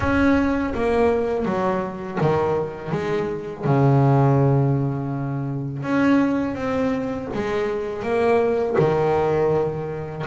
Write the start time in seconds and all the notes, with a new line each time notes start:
0.00 C#4
0.74 A#3
1.45 F#3
2.21 D#3
2.91 G#3
3.64 C#3
5.82 C#4
6.55 C4
7.34 G#3
8.03 A#3
8.78 D#3